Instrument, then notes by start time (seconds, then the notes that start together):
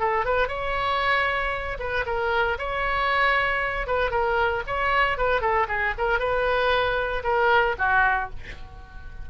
oboe
0.00 A4
0.26 B4
0.49 C#5
1.80 B4
2.06 A#4
2.59 C#5
3.87 B4
4.11 A#4
4.67 C#5
5.18 B4
5.41 A4
5.68 G#4
5.98 A#4
6.20 B4
7.24 A#4
7.79 F#4